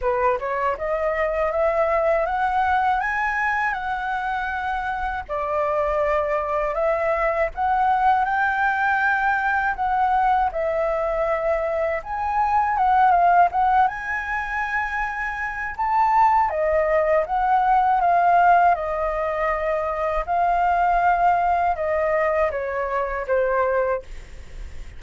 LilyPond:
\new Staff \with { instrumentName = "flute" } { \time 4/4 \tempo 4 = 80 b'8 cis''8 dis''4 e''4 fis''4 | gis''4 fis''2 d''4~ | d''4 e''4 fis''4 g''4~ | g''4 fis''4 e''2 |
gis''4 fis''8 f''8 fis''8 gis''4.~ | gis''4 a''4 dis''4 fis''4 | f''4 dis''2 f''4~ | f''4 dis''4 cis''4 c''4 | }